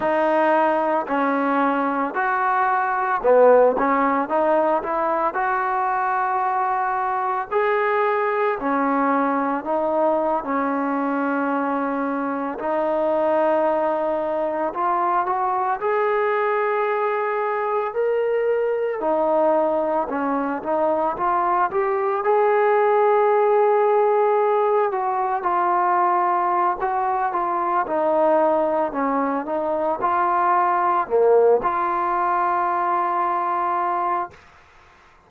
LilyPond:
\new Staff \with { instrumentName = "trombone" } { \time 4/4 \tempo 4 = 56 dis'4 cis'4 fis'4 b8 cis'8 | dis'8 e'8 fis'2 gis'4 | cis'4 dis'8. cis'2 dis'16~ | dis'4.~ dis'16 f'8 fis'8 gis'4~ gis'16~ |
gis'8. ais'4 dis'4 cis'8 dis'8 f'16~ | f'16 g'8 gis'2~ gis'8 fis'8 f'16~ | f'4 fis'8 f'8 dis'4 cis'8 dis'8 | f'4 ais8 f'2~ f'8 | }